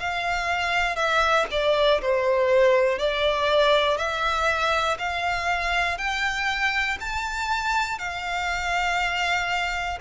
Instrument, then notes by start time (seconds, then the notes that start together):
violin
0.00 F5
0.96 E5
1.51 D5
2.01 C5
2.99 D5
3.97 E5
4.99 F5
5.98 G5
7.00 A5
7.99 F5